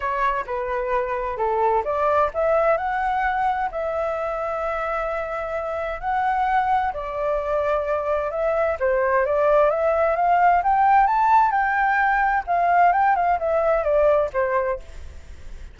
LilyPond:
\new Staff \with { instrumentName = "flute" } { \time 4/4 \tempo 4 = 130 cis''4 b'2 a'4 | d''4 e''4 fis''2 | e''1~ | e''4 fis''2 d''4~ |
d''2 e''4 c''4 | d''4 e''4 f''4 g''4 | a''4 g''2 f''4 | g''8 f''8 e''4 d''4 c''4 | }